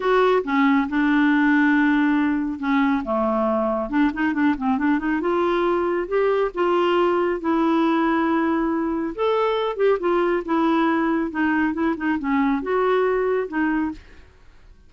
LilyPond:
\new Staff \with { instrumentName = "clarinet" } { \time 4/4 \tempo 4 = 138 fis'4 cis'4 d'2~ | d'2 cis'4 a4~ | a4 d'8 dis'8 d'8 c'8 d'8 dis'8 | f'2 g'4 f'4~ |
f'4 e'2.~ | e'4 a'4. g'8 f'4 | e'2 dis'4 e'8 dis'8 | cis'4 fis'2 dis'4 | }